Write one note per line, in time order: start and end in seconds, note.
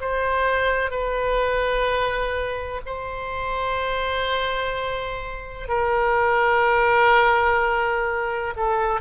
0.00 0.90 C5
0.90 2.81 B4
2.86 5.68 C5
5.68 8.54 A#4
8.56 9.00 A4